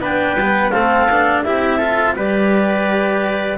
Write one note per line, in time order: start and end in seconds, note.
0.00 0.36 B3
0.00 0.37 D4
0.00 0.73 B4
0.00 0.70 G5
0.36 0.71 G3
0.36 0.73 B3
0.70 1.07 A3
0.70 1.08 C4
0.70 1.45 A4
0.70 1.42 F5
1.07 1.43 B3
1.07 1.46 D4
1.43 2.16 C4
1.43 1.81 E4
1.43 1.78 G4
1.43 2.15 E5
1.78 2.16 F4
1.78 2.13 A4
2.16 3.58 G3
2.16 3.58 G4
2.16 3.58 B4
2.16 3.58 D5